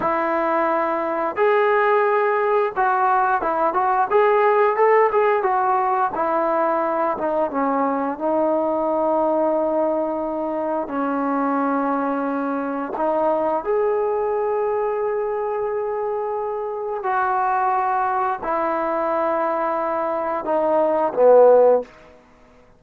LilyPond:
\new Staff \with { instrumentName = "trombone" } { \time 4/4 \tempo 4 = 88 e'2 gis'2 | fis'4 e'8 fis'8 gis'4 a'8 gis'8 | fis'4 e'4. dis'8 cis'4 | dis'1 |
cis'2. dis'4 | gis'1~ | gis'4 fis'2 e'4~ | e'2 dis'4 b4 | }